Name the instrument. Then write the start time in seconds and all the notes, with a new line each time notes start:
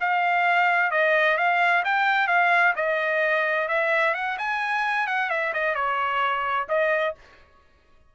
trumpet
0.00 F5
0.91 D#5
1.37 F5
1.84 G5
2.27 F5
2.76 D#5
3.68 E5
4.14 F#5
4.38 G#5
5.07 F#5
5.30 E5
5.53 D#5
5.75 C#5
6.69 D#5